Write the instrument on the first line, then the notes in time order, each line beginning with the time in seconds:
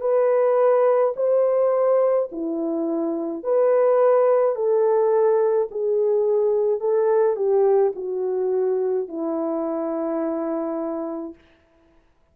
horn
0.00 B4
1.16 C5
2.31 E4
3.43 B4
4.55 A4
5.71 G#4
6.80 A4
7.36 G4
7.95 F#4
9.08 E4